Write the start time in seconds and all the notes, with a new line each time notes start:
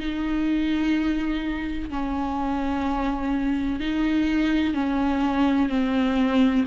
0.00 D#4
1.90 C#4
3.81 D#4
4.74 C#4
5.70 C4